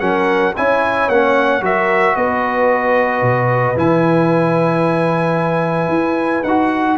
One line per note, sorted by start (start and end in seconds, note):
0.00 0.54 F#3
0.00 0.54 C#4
0.00 0.55 A#4
0.00 0.54 F#5
0.56 1.08 C#4
0.56 1.11 E4
0.56 1.64 C#5
0.56 1.09 G#5
1.08 1.62 A#3
1.08 1.61 C#4
1.08 1.63 F#5
1.61 2.15 F#3
1.61 3.76 F#4
1.61 2.16 A#4
1.61 2.16 E5
2.16 3.22 B3
2.16 6.98 B4
2.16 3.77 D#5
3.22 3.76 B2
3.76 5.88 E3
3.76 6.44 E4
3.76 6.44 G#5
5.88 6.42 E4
6.44 6.97 D#4
6.44 6.98 F#4
6.44 6.97 F#5